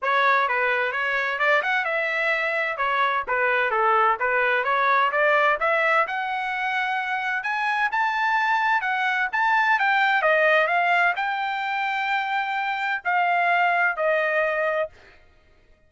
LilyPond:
\new Staff \with { instrumentName = "trumpet" } { \time 4/4 \tempo 4 = 129 cis''4 b'4 cis''4 d''8 fis''8 | e''2 cis''4 b'4 | a'4 b'4 cis''4 d''4 | e''4 fis''2. |
gis''4 a''2 fis''4 | a''4 g''4 dis''4 f''4 | g''1 | f''2 dis''2 | }